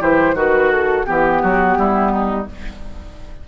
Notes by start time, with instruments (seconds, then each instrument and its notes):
0.00 bassoon E3, clarinet E4, oboe G4, flute C5
0.34 bassoon D#3, oboe F#4, clarinet F#4, flute B4
0.71 flute A4
1.05 bassoon E3, clarinet B3, flute G4, oboe G4
1.42 bassoon F#3, oboe F#4
1.77 bassoon G3, oboe E4
2.12 oboe D#4